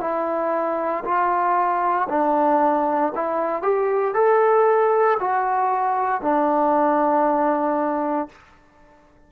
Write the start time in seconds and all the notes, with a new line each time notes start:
0.00 E4
1.04 F4
2.09 D4
3.15 E4
3.62 G4
4.14 A4
5.20 F#4
6.21 D4